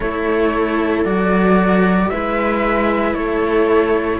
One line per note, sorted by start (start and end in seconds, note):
0.00 1.04 A3
0.00 1.05 E4
0.00 2.11 A4
0.00 1.04 C#5
1.04 2.10 F#3
1.04 2.10 F#4
1.04 2.09 D5
2.09 3.13 G#3
2.09 4.19 E4
2.09 3.16 B4
2.09 3.14 E5
3.13 4.19 A3
3.13 4.19 A4
3.13 4.19 C#5